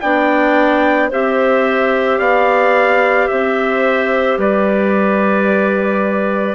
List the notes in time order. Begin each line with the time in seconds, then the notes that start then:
0.00 B3 D4 D5 G5
1.09 C4 G4 C5 E5
2.18 B3 D5 F5
3.28 C4 C5 E5
4.37 G3 B4 D5